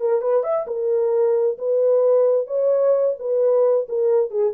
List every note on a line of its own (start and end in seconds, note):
0.00 0.21 A#4
0.21 0.43 B4
0.43 0.66 E5
0.67 1.58 A#4
1.58 2.47 B4
2.47 3.15 C#5
3.19 3.87 B4
3.88 4.31 A#4
4.31 4.53 G#4